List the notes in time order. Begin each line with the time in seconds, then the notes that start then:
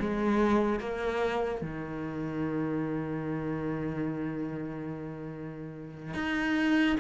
0.00 G#3
0.80 A#3
1.62 D#3
6.14 D#4